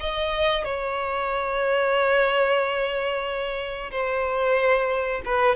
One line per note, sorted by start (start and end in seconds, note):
0.00 0.64 D#5
0.64 3.90 C#5
3.91 5.21 C5
5.25 5.55 B4